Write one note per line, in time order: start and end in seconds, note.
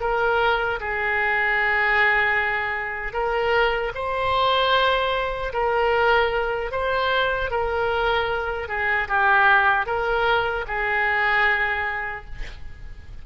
0.00 0.79 A#4
0.80 3.13 G#4
3.13 3.92 A#4
3.94 5.52 C5
5.53 6.71 A#4
6.71 7.50 C5
7.50 8.68 A#4
8.68 9.08 G#4
9.08 9.86 G4
9.86 10.65 A#4
10.67 12.25 G#4